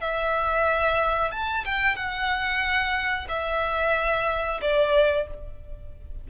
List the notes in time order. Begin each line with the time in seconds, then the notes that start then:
0.00 E5
1.31 A5
1.65 G5
1.95 F#5
3.28 E5
4.61 D5